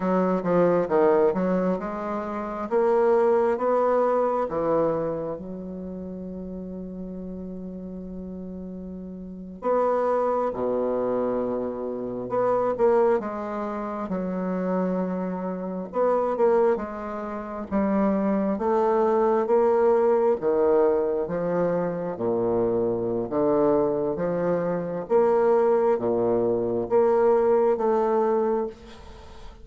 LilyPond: \new Staff \with { instrumentName = "bassoon" } { \time 4/4 \tempo 4 = 67 fis8 f8 dis8 fis8 gis4 ais4 | b4 e4 fis2~ | fis2~ fis8. b4 b,16~ | b,4.~ b,16 b8 ais8 gis4 fis16~ |
fis4.~ fis16 b8 ais8 gis4 g16~ | g8. a4 ais4 dis4 f16~ | f8. ais,4~ ais,16 d4 f4 | ais4 ais,4 ais4 a4 | }